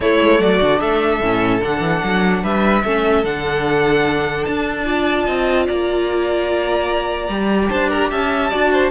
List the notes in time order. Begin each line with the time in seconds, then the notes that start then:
0.00 A3 E4 C#5
0.21 G#3
0.39 F#3 F#4 D5
0.60 D3 D4
0.80 A3 A4 E5
1.20 A2 C#4
1.61 D3 D4 F#5
1.80 E3
2.03 F#3
2.43 G3 B4 E5
2.84 A3 C#4 A4
3.24 D3 D4 F#5
4.45 D4 A5
4.85 F4 D5
5.26 C4 D#5
5.66 A#3 D5 A#5
7.28 G3 G4
7.68 D4 C5 A5
7.89 A#4 A#5
8.10 C#4 E5 A5
8.50 D4 F#4 D5
8.72 C5